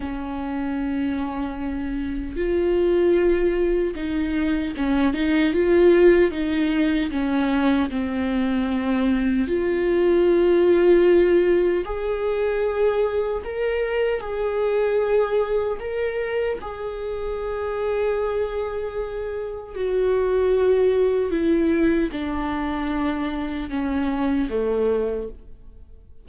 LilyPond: \new Staff \with { instrumentName = "viola" } { \time 4/4 \tempo 4 = 76 cis'2. f'4~ | f'4 dis'4 cis'8 dis'8 f'4 | dis'4 cis'4 c'2 | f'2. gis'4~ |
gis'4 ais'4 gis'2 | ais'4 gis'2.~ | gis'4 fis'2 e'4 | d'2 cis'4 a4 | }